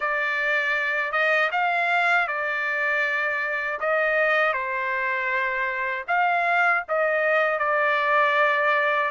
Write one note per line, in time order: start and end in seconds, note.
0.00 1.12 D5
1.12 1.50 D#5
1.51 2.27 F5
2.27 3.79 D5
3.79 4.53 D#5
4.53 6.04 C5
6.07 6.83 F5
6.88 7.58 D#5
7.58 9.10 D5